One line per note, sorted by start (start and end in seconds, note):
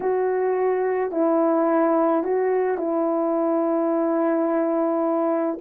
0.00 1.11 F#4
1.11 2.23 E4
2.23 2.77 F#4
2.77 5.58 E4